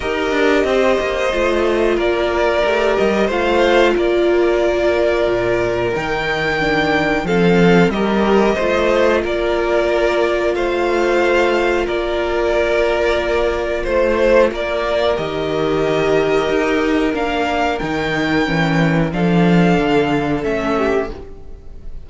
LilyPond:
<<
  \new Staff \with { instrumentName = "violin" } { \time 4/4 \tempo 4 = 91 dis''2. d''4~ | d''8 dis''8 f''4 d''2~ | d''4 g''2 f''4 | dis''2 d''2 |
f''2 d''2~ | d''4 c''4 d''4 dis''4~ | dis''2 f''4 g''4~ | g''4 f''2 e''4 | }
  \new Staff \with { instrumentName = "violin" } { \time 4/4 ais'4 c''2 ais'4~ | ais'4 c''4 ais'2~ | ais'2. a'4 | ais'4 c''4 ais'2 |
c''2 ais'2~ | ais'4 c''4 ais'2~ | ais'1~ | ais'4 a'2~ a'8 g'8 | }
  \new Staff \with { instrumentName = "viola" } { \time 4/4 g'2 f'2 | g'4 f'2.~ | f'4 dis'4 d'4 c'4 | g'4 f'2.~ |
f'1~ | f'2. g'4~ | g'2 d'4 dis'4 | cis'4 d'2 cis'4 | }
  \new Staff \with { instrumentName = "cello" } { \time 4/4 dis'8 d'8 c'8 ais8 a4 ais4 | a8 g8 a4 ais2 | ais,4 dis2 f4 | g4 a4 ais2 |
a2 ais2~ | ais4 a4 ais4 dis4~ | dis4 dis'4 ais4 dis4 | e4 f4 d4 a4 | }
>>